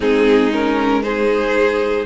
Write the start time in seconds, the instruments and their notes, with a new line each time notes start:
0.00 cello G#3, viola C4, violin D#4 G#4
0.52 viola C#4, violin A#4
1.03 viola D#4, violin G#4 C5